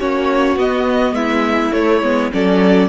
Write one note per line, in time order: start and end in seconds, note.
0.00 0.57 A#3
0.00 0.59 C#4
0.00 1.16 F#4
0.00 0.59 C#5
0.57 1.12 B3
0.57 1.73 B3
0.57 1.15 D#5
1.12 1.71 G#3
1.12 2.33 E4
1.12 1.73 E5
1.73 2.02 A3
1.73 2.31 C#5
2.02 2.31 G#3
2.02 2.32 B3
2.32 2.90 F#3
2.32 2.90 C#4
2.32 2.90 A4
2.32 2.90 D5